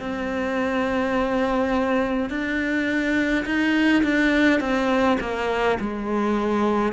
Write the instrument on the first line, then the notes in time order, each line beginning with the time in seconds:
cello
0.00 C4
2.30 D4
3.45 D#4
4.03 D4
4.60 C4
5.20 A#3
5.80 G#3